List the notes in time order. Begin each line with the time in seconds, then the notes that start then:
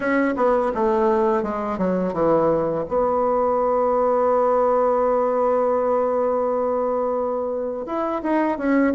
0.00 C#4
0.36 B3
0.74 A3
1.43 G#3
1.78 F#3
2.13 E3
2.88 B3
7.86 E4
8.22 D#4
8.57 C#4